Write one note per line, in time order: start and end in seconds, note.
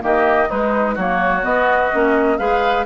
0.00 0.50 D#3
0.00 0.47 A#3
0.00 0.48 G4
0.00 0.50 D#5
0.48 0.97 G#3
0.48 0.96 G#3
0.48 0.94 D#4
0.48 0.97 B4
0.94 1.44 F#3
0.94 1.41 A#3
0.94 2.36 F#4
0.94 1.44 C#5
1.41 1.89 B3
1.41 1.91 B3
1.41 2.37 D#5
1.93 2.39 A#3
1.93 2.38 C#4
2.37 2.86 G#3
2.37 2.86 G#4
2.37 2.86 B4
2.37 2.85 F5